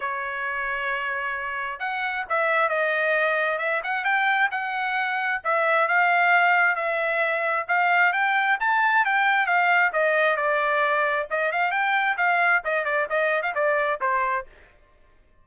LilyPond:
\new Staff \with { instrumentName = "trumpet" } { \time 4/4 \tempo 4 = 133 cis''1 | fis''4 e''4 dis''2 | e''8 fis''8 g''4 fis''2 | e''4 f''2 e''4~ |
e''4 f''4 g''4 a''4 | g''4 f''4 dis''4 d''4~ | d''4 dis''8 f''8 g''4 f''4 | dis''8 d''8 dis''8. f''16 d''4 c''4 | }